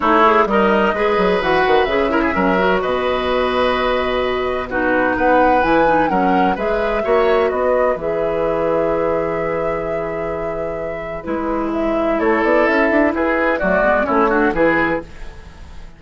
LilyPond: <<
  \new Staff \with { instrumentName = "flute" } { \time 4/4 \tempo 4 = 128 cis''4 dis''2 fis''4 | e''2 dis''2~ | dis''2 b'4 fis''4 | gis''4 fis''4 e''2 |
dis''4 e''2.~ | e''1 | b'4 e''4 cis''8 d''8 e''4 | b'4 d''4 cis''4 b'4 | }
  \new Staff \with { instrumentName = "oboe" } { \time 4/4 e'4 dis'4 b'2~ | b'8 ais'16 gis'16 ais'4 b'2~ | b'2 fis'4 b'4~ | b'4 ais'4 b'4 cis''4 |
b'1~ | b'1~ | b'2 a'2 | gis'4 fis'4 e'8 fis'8 gis'4 | }
  \new Staff \with { instrumentName = "clarinet" } { \time 4/4 dis'8 gis'8 ais'4 gis'4 fis'4 | gis'8 e'8 cis'8 fis'2~ fis'8~ | fis'2 dis'2 | e'8 dis'8 cis'4 gis'4 fis'4~ |
fis'4 gis'2.~ | gis'1 | e'1~ | e'4 a8 b8 cis'8 d'8 e'4 | }
  \new Staff \with { instrumentName = "bassoon" } { \time 4/4 a4 g4 gis8 fis8 e8 dis8 | cis4 fis4 b,2~ | b,2. b4 | e4 fis4 gis4 ais4 |
b4 e2.~ | e1 | gis2 a8 b8 cis'8 d'8 | e'4 fis8 gis8 a4 e4 | }
>>